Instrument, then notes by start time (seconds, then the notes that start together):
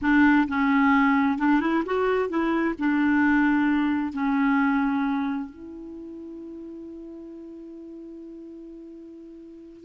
clarinet
0.01 D4
0.47 C#4
1.38 D4
1.60 E4
1.85 F#4
2.29 E4
2.78 D4
4.13 C#4
5.49 E4